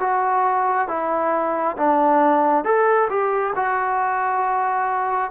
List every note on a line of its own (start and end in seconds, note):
0.00 0.88 F#4
0.88 1.76 E4
1.77 2.64 D4
2.64 3.08 A4
3.10 3.54 G4
3.55 5.31 F#4